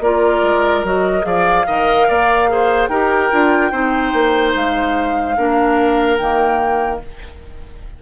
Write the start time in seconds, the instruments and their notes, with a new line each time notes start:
0.00 bassoon A#3, clarinet F4, oboe A#4, flute D5
0.43 bassoon G#3
0.84 bassoon F#3, clarinet F#4, flute D#5
1.22 bassoon F3, clarinet G#4, oboe D5, flute F5
1.67 bassoon D#3, clarinet A#4, oboe D#5
2.08 bassoon A#3, oboe D5
2.48 clarinet G#4, oboe C5
2.88 bassoon D#4, clarinet G4, oboe A#4, flute G5
3.32 bassoon D4, clarinet F4
3.72 bassoon C4, clarinet D#4, oboe C5
4.13 bassoon A#3
4.56 bassoon G#3, flute F5
5.37 bassoon A#3, clarinet D4, oboe A#4
6.17 bassoon D#3, clarinet A#3, flute G5